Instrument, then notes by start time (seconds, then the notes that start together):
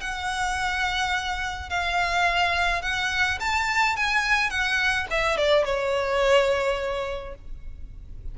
violin
0.00 F#5
1.69 F5
2.82 F#5
3.40 A5
3.96 G#5
4.49 F#5
5.10 E5
5.37 D5
5.64 C#5